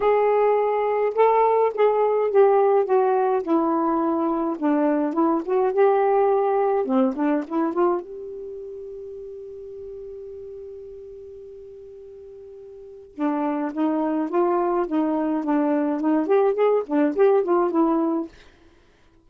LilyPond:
\new Staff \with { instrumentName = "saxophone" } { \time 4/4 \tempo 4 = 105 gis'2 a'4 gis'4 | g'4 fis'4 e'2 | d'4 e'8 fis'8 g'2 | c'8 d'8 e'8 f'8 g'2~ |
g'1~ | g'2. d'4 | dis'4 f'4 dis'4 d'4 | dis'8 g'8 gis'8 d'8 g'8 f'8 e'4 | }